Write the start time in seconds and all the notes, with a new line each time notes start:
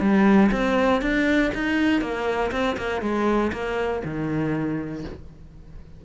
0.00 G3
0.52 C4
1.02 D4
1.54 D#4
2.01 A#3
2.51 C4
2.77 A#3
3.01 G#3
3.52 A#3
4.04 D#3